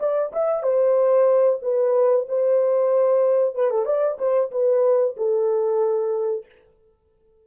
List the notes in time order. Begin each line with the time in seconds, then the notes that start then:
0.00 D5
0.33 E5
0.63 C5
1.62 B4
2.29 C5
3.55 B4
3.71 A4
3.86 D5
4.19 C5
4.52 B4
5.17 A4